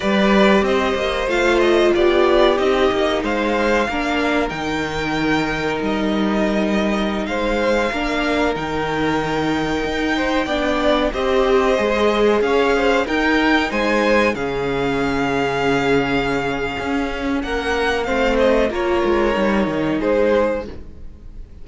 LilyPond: <<
  \new Staff \with { instrumentName = "violin" } { \time 4/4 \tempo 4 = 93 d''4 dis''4 f''8 dis''8 d''4 | dis''4 f''2 g''4~ | g''4 dis''2~ dis''16 f''8.~ | f''4~ f''16 g''2~ g''8.~ |
g''4~ g''16 dis''2 f''8.~ | f''16 g''4 gis''4 f''4.~ f''16~ | f''2. fis''4 | f''8 dis''8 cis''2 c''4 | }
  \new Staff \with { instrumentName = "violin" } { \time 4/4 b'4 c''2 g'4~ | g'4 c''4 ais'2~ | ais'2.~ ais'16 c''8.~ | c''16 ais'2.~ ais'8 c''16~ |
c''16 d''4 c''2 cis''8 c''16~ | c''16 ais'4 c''4 gis'4.~ gis'16~ | gis'2. ais'4 | c''4 ais'2 gis'4 | }
  \new Staff \with { instrumentName = "viola" } { \time 4/4 g'2 f'2 | dis'2 d'4 dis'4~ | dis'1~ | dis'16 d'4 dis'2~ dis'8.~ |
dis'16 d'4 g'4 gis'4.~ gis'16~ | gis'16 dis'2 cis'4.~ cis'16~ | cis'1 | c'4 f'4 dis'2 | }
  \new Staff \with { instrumentName = "cello" } { \time 4/4 g4 c'8 ais8 a4 b4 | c'8 ais8 gis4 ais4 dis4~ | dis4 g2~ g16 gis8.~ | gis16 ais4 dis2 dis'8.~ |
dis'16 b4 c'4 gis4 cis'8.~ | cis'16 dis'4 gis4 cis4.~ cis16~ | cis2 cis'4 ais4 | a4 ais8 gis8 g8 dis8 gis4 | }
>>